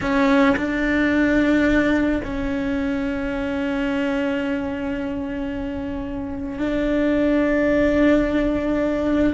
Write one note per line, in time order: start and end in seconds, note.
0.01 0.56 C#4
0.56 2.21 D4
2.24 6.59 C#4
6.59 9.34 D4